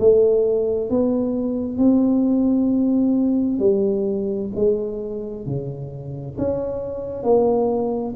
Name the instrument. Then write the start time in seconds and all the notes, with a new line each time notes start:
tuba
0.00 A3
0.90 B3
1.78 C4
3.60 G3
4.56 G#3
5.46 C#3
6.38 C#4
7.24 A#3